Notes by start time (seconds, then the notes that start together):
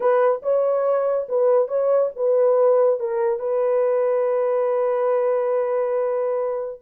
0.00 B4
0.42 C#5
1.28 B4
1.68 C#5
2.16 B4
2.99 A#4
3.39 B4